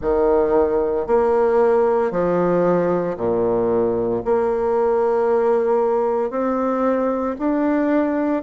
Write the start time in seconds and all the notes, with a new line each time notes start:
0.01 D#3
1.06 A#3
2.11 F3
3.17 A#2
4.24 A#3
6.30 C4
7.39 D4